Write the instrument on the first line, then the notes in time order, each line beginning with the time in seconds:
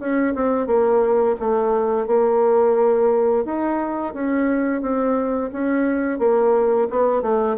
bassoon
0.00 C#4
0.35 C4
0.67 A#3
1.40 A3
2.08 A#3
3.45 D#4
4.14 C#4
4.82 C4
5.53 C#4
6.19 A#3
6.90 B3
7.22 A3